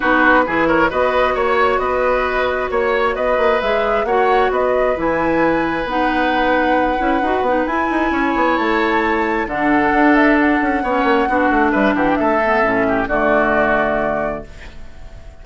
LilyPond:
<<
  \new Staff \with { instrumentName = "flute" } { \time 4/4 \tempo 4 = 133 b'4. cis''8 dis''4 cis''4 | dis''2 cis''4 dis''4 | e''4 fis''4 dis''4 gis''4~ | gis''4 fis''2.~ |
fis''4 gis''2 a''4~ | a''4 fis''4. e''8 fis''4~ | fis''2 e''8 fis''16 g''16 e''4~ | e''4 d''2. | }
  \new Staff \with { instrumentName = "oboe" } { \time 4/4 fis'4 gis'8 ais'8 b'4 cis''4 | b'2 cis''4 b'4~ | b'4 cis''4 b'2~ | b'1~ |
b'2 cis''2~ | cis''4 a'2. | cis''4 fis'4 b'8 g'8 a'4~ | a'8 g'8 fis'2. | }
  \new Staff \with { instrumentName = "clarinet" } { \time 4/4 dis'4 e'4 fis'2~ | fis'1 | gis'4 fis'2 e'4~ | e'4 dis'2~ dis'8 e'8 |
fis'8 dis'8 e'2.~ | e'4 d'2. | cis'4 d'2~ d'8 b8 | cis'4 a2. | }
  \new Staff \with { instrumentName = "bassoon" } { \time 4/4 b4 e4 b4 ais4 | b2 ais4 b8 ais8 | gis4 ais4 b4 e4~ | e4 b2~ b8 cis'8 |
dis'8 b8 e'8 dis'8 cis'8 b8 a4~ | a4 d4 d'4. cis'8 | b8 ais8 b8 a8 g8 e8 a4 | a,4 d2. | }
>>